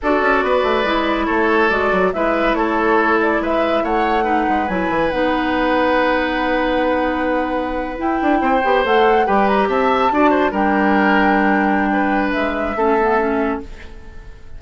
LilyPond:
<<
  \new Staff \with { instrumentName = "flute" } { \time 4/4 \tempo 4 = 141 d''2. cis''4 | d''4 e''4 cis''4. d''8 | e''4 fis''2 gis''4 | fis''1~ |
fis''2~ fis''8. g''4~ g''16~ | g''8. fis''4 g''8 ais''8 a''4~ a''16~ | a''8. g''2.~ g''16~ | g''4 e''2. | }
  \new Staff \with { instrumentName = "oboe" } { \time 4/4 a'4 b'2 a'4~ | a'4 b'4 a'2 | b'4 cis''4 b'2~ | b'1~ |
b'2.~ b'8. c''16~ | c''4.~ c''16 b'4 e''4 d''16~ | d''16 c''8 ais'2.~ ais'16 | b'2 a'2 | }
  \new Staff \with { instrumentName = "clarinet" } { \time 4/4 fis'2 e'2 | fis'4 e'2.~ | e'2 dis'4 e'4 | dis'1~ |
dis'2~ dis'8. e'4~ e'16~ | e'16 g'8 a'4 g'2 fis'16~ | fis'8. d'2.~ d'16~ | d'2 cis'8 b8 cis'4 | }
  \new Staff \with { instrumentName = "bassoon" } { \time 4/4 d'8 cis'8 b8 a8 gis4 a4 | gis8 fis8 gis4 a2 | gis4 a4. gis8 fis8 e8 | b1~ |
b2~ b8. e'8 d'8 c'16~ | c'16 b8 a4 g4 c'4 d'16~ | d'8. g2.~ g16~ | g4 gis4 a2 | }
>>